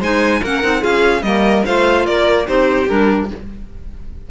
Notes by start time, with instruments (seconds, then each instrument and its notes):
0.00 cello G#3, clarinet D#4, violin C5 G#5
0.42 cello A#3, clarinet C#4, violin A#4 F#5
0.62 cello C4, clarinet D#4
0.80 cello C#4, clarinet F4, violin G#4 F5
1.23 cello G3, clarinet A#3, violin A#4 D#5
1.65 cello A3, clarinet F4, violin C5 F5
2.06 cello A#3, violin A#4 D5
2.45 cello C4, clarinet D#4, violin G4 C5
2.88 cello G3, clarinet D4, violin A#4